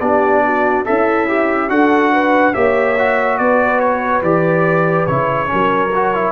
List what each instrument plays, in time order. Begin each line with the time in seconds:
0.00 tuba B3, trombone D4, horn G4, trumpet D5
0.45 horn F#4
0.85 tuba C#4, horn E4, trombone A4, trumpet E5
1.28 trombone G4
1.69 tuba D4, trombone F#4, horn A4, trumpet F#5
2.12 horn B4
2.54 tuba A#3, trombone G4, horn C#5, trumpet E5
2.98 trombone F#4
3.38 tuba B3, horn B4, trumpet D5
3.80 trumpet C#5
4.22 tuba E3, trombone G4, trumpet D5
5.07 tuba C#3, trombone E4, trumpet C#5
5.46 trombone C#4, horn A#4
5.53 tuba F#3
5.95 trombone F#4
6.14 trombone E4